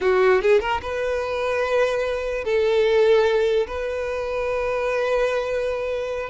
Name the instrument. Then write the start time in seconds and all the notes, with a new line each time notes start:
violin
0.00 F#4
0.41 G#4
0.60 A#4
0.82 B4
2.44 A4
3.67 B4